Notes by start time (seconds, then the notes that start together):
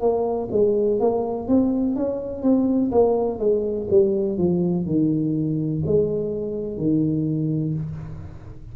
0.00 A#3
0.51 G#3
1.00 A#3
1.48 C4
1.96 C#4
2.42 C4
2.91 A#3
3.39 G#3
3.90 G3
4.38 F3
4.86 D#3
5.86 G#3
6.77 D#3